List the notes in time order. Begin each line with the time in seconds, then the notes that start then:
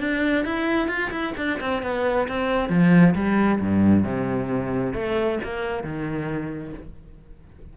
0.00 D4
0.45 E4
0.88 F4
1.11 E4
1.37 D4
1.61 C4
1.83 B3
2.28 C4
2.69 F3
3.15 G3
3.60 G2
4.04 C3
4.94 A3
5.44 A#3
5.84 D#3